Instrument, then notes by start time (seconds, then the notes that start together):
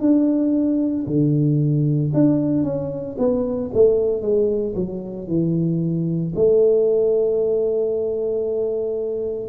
tuba
0.00 D4
1.07 D3
2.14 D4
2.64 C#4
3.18 B3
3.74 A3
4.22 G#3
4.75 F#3
5.28 E3
6.35 A3